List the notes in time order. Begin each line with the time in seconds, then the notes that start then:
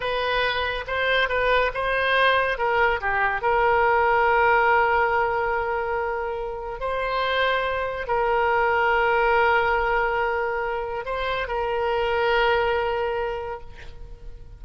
0.00 B4
0.87 C5
1.29 B4
1.74 C5
2.58 A#4
3.00 G4
3.41 A#4
6.80 C5
8.07 A#4
11.05 C5
11.47 A#4